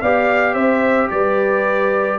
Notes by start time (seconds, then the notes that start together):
0.00 B3 G4 D5 F5
0.54 C4 C5 E5
1.10 G3 B4 D5